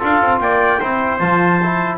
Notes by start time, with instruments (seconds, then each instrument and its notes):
0.00 double bass D4, trombone F4, trumpet A4, clarinet F5
0.23 double bass C4
0.40 double bass A#3, trumpet D5, clarinet G5
0.80 double bass C4, trombone E4, trumpet C5
1.19 double bass F3, trombone F4, clarinet A5
1.63 trombone E4